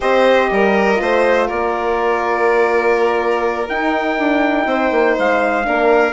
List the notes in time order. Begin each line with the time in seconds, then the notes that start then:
0.00 C4 G4 C5 D#5
0.50 G3 A#4
0.95 A3 F4 C5
1.47 A#3 A#4 D5
3.68 D#4 G5
4.18 D4
4.66 C4 C5
4.91 A#3
5.18 G#3 F5
5.64 A#3 D4 A#4